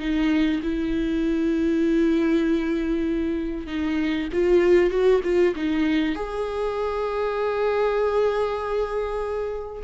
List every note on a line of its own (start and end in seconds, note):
0.00 0.61 D#4
0.63 3.67 E4
3.67 4.29 D#4
4.33 4.91 F4
4.91 5.21 F#4
5.24 5.55 F4
5.56 6.16 D#4
6.16 9.83 G#4